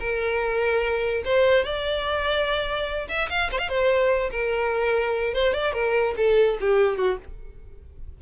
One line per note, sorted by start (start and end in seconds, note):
0.00 1.23 A#4
1.25 1.65 C5
1.65 3.08 D5
3.09 3.29 E5
3.30 3.50 F5
3.52 3.59 C5
3.59 3.69 F5
3.69 4.31 C5
4.32 5.34 A#4
5.34 5.54 C5
5.54 5.73 D5
5.73 6.15 A#4
6.17 6.58 A4
6.61 6.97 G4
6.97 7.18 F#4